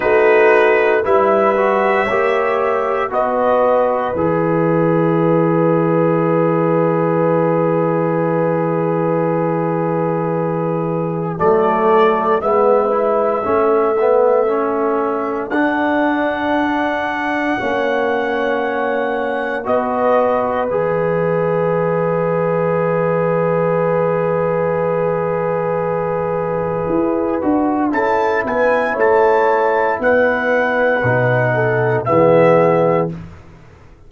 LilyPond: <<
  \new Staff \with { instrumentName = "trumpet" } { \time 4/4 \tempo 4 = 58 b'4 e''2 dis''4 | e''1~ | e''2. d''4 | e''2. fis''4~ |
fis''2. dis''4 | e''1~ | e''2. a''8 gis''8 | a''4 fis''2 e''4 | }
  \new Staff \with { instrumentName = "horn" } { \time 4/4 fis'4 b'4 cis''4 b'4~ | b'1~ | b'2. a'4 | b'4 a'2.~ |
a'4 cis''2 b'4~ | b'1~ | b'2. a'8 b'8 | cis''4 b'4. a'8 gis'4 | }
  \new Staff \with { instrumentName = "trombone" } { \time 4/4 dis'4 e'8 fis'8 g'4 fis'4 | gis'1~ | gis'2. a4 | b8 e'8 cis'8 b8 cis'4 d'4~ |
d'4 cis'2 fis'4 | gis'1~ | gis'2~ gis'8 fis'8 e'4~ | e'2 dis'4 b4 | }
  \new Staff \with { instrumentName = "tuba" } { \time 4/4 a4 g4 ais4 b4 | e1~ | e2. fis4 | gis4 a2 d'4~ |
d'4 ais2 b4 | e1~ | e2 e'8 d'8 cis'8 b8 | a4 b4 b,4 e4 | }
>>